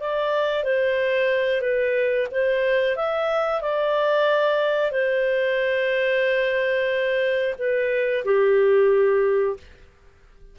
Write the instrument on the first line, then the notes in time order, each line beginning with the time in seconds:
clarinet
0.00 D5
0.64 C5
1.61 B4
2.31 C5
2.96 E5
3.61 D5
4.91 C5
7.59 B4
8.25 G4